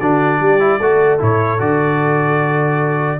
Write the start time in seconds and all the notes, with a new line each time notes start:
0.00 D3 D4 F#4 D5
0.40 G3 G4
0.60 E4
0.79 A3 F#4 A4
1.19 A2 E4 C#5
1.59 D3 F#4 D5